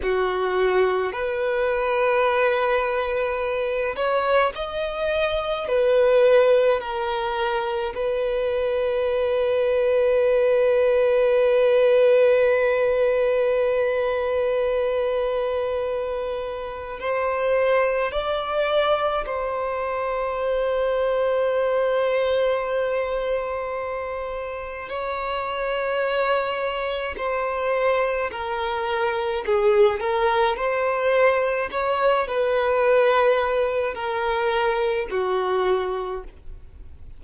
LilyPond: \new Staff \with { instrumentName = "violin" } { \time 4/4 \tempo 4 = 53 fis'4 b'2~ b'8 cis''8 | dis''4 b'4 ais'4 b'4~ | b'1~ | b'2. c''4 |
d''4 c''2.~ | c''2 cis''2 | c''4 ais'4 gis'8 ais'8 c''4 | cis''8 b'4. ais'4 fis'4 | }